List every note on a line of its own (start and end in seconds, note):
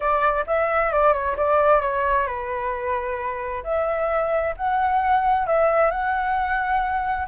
0.00 0.44 D5
0.47 0.92 E5
0.92 1.13 D5
1.13 1.36 C#5
1.36 1.81 D5
1.81 2.26 C#5
2.26 3.63 B4
3.63 4.54 E5
4.56 5.46 F#5
5.46 5.90 E5
5.90 7.27 F#5